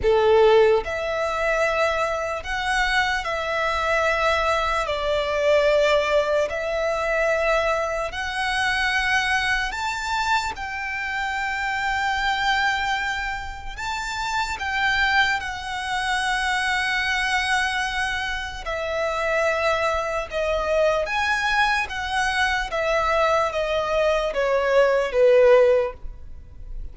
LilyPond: \new Staff \with { instrumentName = "violin" } { \time 4/4 \tempo 4 = 74 a'4 e''2 fis''4 | e''2 d''2 | e''2 fis''2 | a''4 g''2.~ |
g''4 a''4 g''4 fis''4~ | fis''2. e''4~ | e''4 dis''4 gis''4 fis''4 | e''4 dis''4 cis''4 b'4 | }